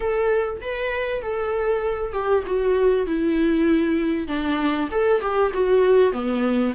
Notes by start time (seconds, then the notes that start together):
0.00 A4
0.61 B4
1.21 A4
2.13 G4
2.46 F#4
3.06 E4
4.27 D4
4.91 A4
5.21 G4
5.53 F#4
6.12 B3